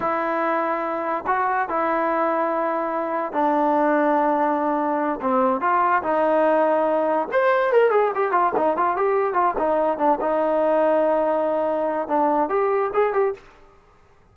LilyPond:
\new Staff \with { instrumentName = "trombone" } { \time 4/4 \tempo 4 = 144 e'2. fis'4 | e'1 | d'1~ | d'8 c'4 f'4 dis'4.~ |
dis'4. c''4 ais'8 gis'8 g'8 | f'8 dis'8 f'8 g'4 f'8 dis'4 | d'8 dis'2.~ dis'8~ | dis'4 d'4 g'4 gis'8 g'8 | }